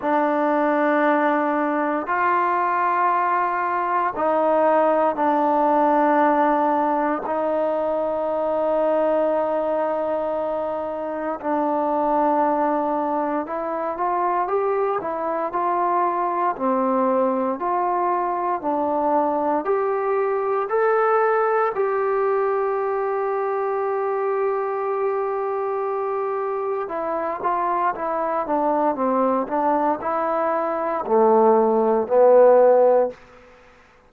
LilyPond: \new Staff \with { instrumentName = "trombone" } { \time 4/4 \tempo 4 = 58 d'2 f'2 | dis'4 d'2 dis'4~ | dis'2. d'4~ | d'4 e'8 f'8 g'8 e'8 f'4 |
c'4 f'4 d'4 g'4 | a'4 g'2.~ | g'2 e'8 f'8 e'8 d'8 | c'8 d'8 e'4 a4 b4 | }